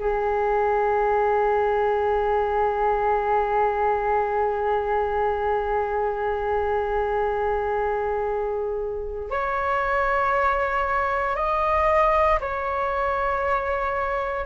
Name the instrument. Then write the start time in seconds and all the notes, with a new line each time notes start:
flute
0.00 G#4
9.31 C#5
11.36 D#5
12.41 C#5